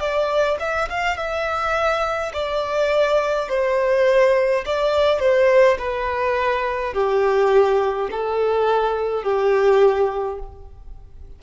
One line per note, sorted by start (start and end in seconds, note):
0.00 0.58 D5
0.59 0.88 E5
0.89 1.16 F5
1.16 2.32 E5
2.33 3.48 D5
3.49 4.64 C5
4.66 5.20 D5
5.20 5.77 C5
5.78 6.93 B4
6.93 8.09 G4
8.11 9.23 A4
9.23 10.38 G4